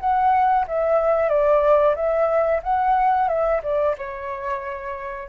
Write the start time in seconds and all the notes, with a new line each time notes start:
0.00 F#5
0.67 E5
1.29 D5
1.96 E5
2.63 F#5
3.28 E5
3.63 D5
3.98 C#5